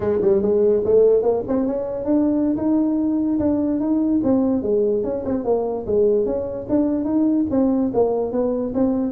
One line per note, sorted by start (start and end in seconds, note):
0.00 0.20 G#3
0.21 0.42 G3
0.42 0.83 G#3
0.84 1.22 A3
1.22 1.43 A#3
1.47 1.66 C4
1.66 2.05 C#4
2.05 2.56 D4
2.56 3.38 D#4
3.39 3.79 D4
3.79 4.20 D#4
4.23 4.62 C4
4.62 5.03 G#3
5.03 5.24 C#4
5.25 5.44 C4
5.44 5.85 A#3
5.86 6.25 G#3
6.25 6.66 C#4
6.69 7.04 D4
7.04 7.45 D#4
7.50 7.91 C4
7.93 8.32 A#3
8.32 8.73 B3
8.74 9.12 C4